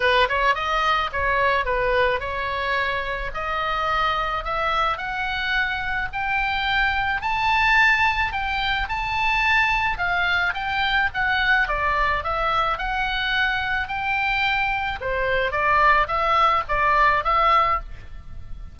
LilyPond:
\new Staff \with { instrumentName = "oboe" } { \time 4/4 \tempo 4 = 108 b'8 cis''8 dis''4 cis''4 b'4 | cis''2 dis''2 | e''4 fis''2 g''4~ | g''4 a''2 g''4 |
a''2 f''4 g''4 | fis''4 d''4 e''4 fis''4~ | fis''4 g''2 c''4 | d''4 e''4 d''4 e''4 | }